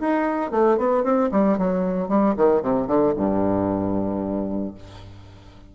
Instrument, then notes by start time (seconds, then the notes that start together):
bassoon
0.00 D#4
0.51 A3
0.78 B3
1.04 C4
1.32 G3
1.58 F#3
2.08 G3
2.37 D#3
2.62 C3
2.87 D3
3.17 G2